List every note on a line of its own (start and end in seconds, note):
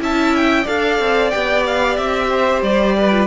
0.00 0.66 C#4
0.00 0.65 E4
0.00 0.64 E5
0.00 0.36 A5
0.36 0.67 G5
0.64 1.00 D4
0.64 1.32 A4
0.64 2.27 D5
0.64 1.31 F5
1.00 1.32 C4
1.31 1.98 B3
1.31 3.11 G4
1.31 1.63 G5
1.67 1.97 F5
1.97 2.62 C4
1.97 2.62 E5
2.31 2.96 C5
2.62 3.27 G3
2.62 3.27 D5
2.97 3.27 B4
3.12 3.27 F4